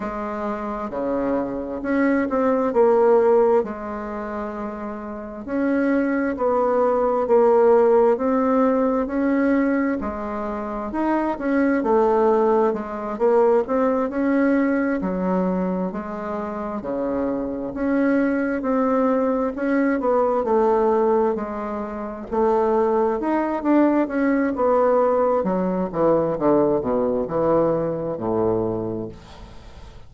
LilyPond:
\new Staff \with { instrumentName = "bassoon" } { \time 4/4 \tempo 4 = 66 gis4 cis4 cis'8 c'8 ais4 | gis2 cis'4 b4 | ais4 c'4 cis'4 gis4 | dis'8 cis'8 a4 gis8 ais8 c'8 cis'8~ |
cis'8 fis4 gis4 cis4 cis'8~ | cis'8 c'4 cis'8 b8 a4 gis8~ | gis8 a4 dis'8 d'8 cis'8 b4 | fis8 e8 d8 b,8 e4 a,4 | }